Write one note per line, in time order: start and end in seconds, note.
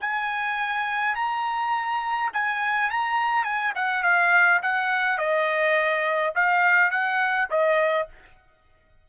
0.00 1.15 G#5
1.15 2.30 A#5
2.33 2.90 G#5
2.90 3.44 A#5
3.44 3.73 G#5
3.75 4.03 F#5
4.03 4.60 F5
4.62 5.18 F#5
5.18 6.33 D#5
6.35 6.90 F5
6.90 7.48 F#5
7.50 8.08 D#5